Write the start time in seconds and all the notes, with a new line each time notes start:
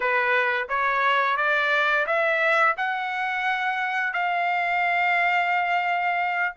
0.00 B4
0.68 C#5
1.36 D5
2.06 E5
2.77 F#5
4.13 F5